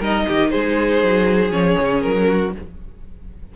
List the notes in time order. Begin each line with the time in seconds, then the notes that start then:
0.00 G3 D#4 A#4 D#5
0.28 D#3 G4
0.50 G#3 G#4 C5
1.03 F#3
1.50 F3 C#4 C#5
1.80 C#3
2.02 F#3 A#4
2.28 F#4